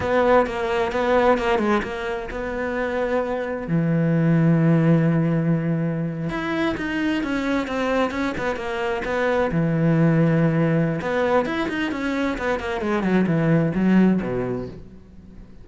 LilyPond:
\new Staff \with { instrumentName = "cello" } { \time 4/4 \tempo 4 = 131 b4 ais4 b4 ais8 gis8 | ais4 b2. | e1~ | e4.~ e16 e'4 dis'4 cis'16~ |
cis'8. c'4 cis'8 b8 ais4 b16~ | b8. e2.~ e16 | b4 e'8 dis'8 cis'4 b8 ais8 | gis8 fis8 e4 fis4 b,4 | }